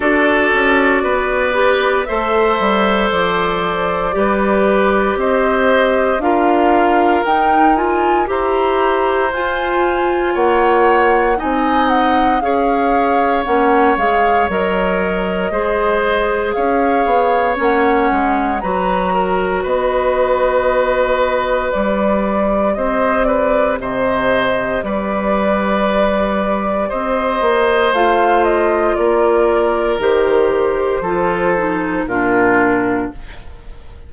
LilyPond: <<
  \new Staff \with { instrumentName = "flute" } { \time 4/4 \tempo 4 = 58 d''2 e''4 d''4~ | d''4 dis''4 f''4 g''8 gis''8 | ais''4 gis''4 fis''4 gis''8 fis''8 | f''4 fis''8 f''8 dis''2 |
f''4 fis''4 ais''4 dis''4~ | dis''4 d''4 dis''8 d''8 dis''4 | d''2 dis''4 f''8 dis''8 | d''4 c''2 ais'4 | }
  \new Staff \with { instrumentName = "oboe" } { \time 4/4 a'4 b'4 c''2 | b'4 c''4 ais'2 | c''2 cis''4 dis''4 | cis''2. c''4 |
cis''2 b'8 ais'8 b'4~ | b'2 c''8 b'8 c''4 | b'2 c''2 | ais'2 a'4 f'4 | }
  \new Staff \with { instrumentName = "clarinet" } { \time 4/4 fis'4. g'8 a'2 | g'2 f'4 dis'8 f'8 | g'4 f'2 dis'4 | gis'4 cis'8 gis'8 ais'4 gis'4~ |
gis'4 cis'4 fis'2~ | fis'4 g'2.~ | g'2. f'4~ | f'4 g'4 f'8 dis'8 d'4 | }
  \new Staff \with { instrumentName = "bassoon" } { \time 4/4 d'8 cis'8 b4 a8 g8 f4 | g4 c'4 d'4 dis'4 | e'4 f'4 ais4 c'4 | cis'4 ais8 gis8 fis4 gis4 |
cis'8 b8 ais8 gis8 fis4 b4~ | b4 g4 c'4 c4 | g2 c'8 ais8 a4 | ais4 dis4 f4 ais,4 | }
>>